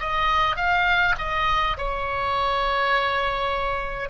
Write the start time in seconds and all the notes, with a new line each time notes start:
0.00 D#5
0.57 F5
1.18 D#5
1.78 C#5